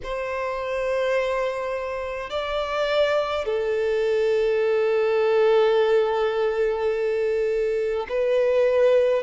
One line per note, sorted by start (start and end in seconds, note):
0.03 2.30 C5
2.30 3.45 D5
3.45 8.06 A4
8.09 9.23 B4